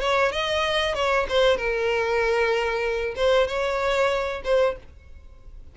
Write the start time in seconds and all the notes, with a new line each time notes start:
0.00 C#5
0.32 D#5
0.94 C#5
1.29 C5
1.57 A#4
3.16 C5
3.47 C#5
4.44 C5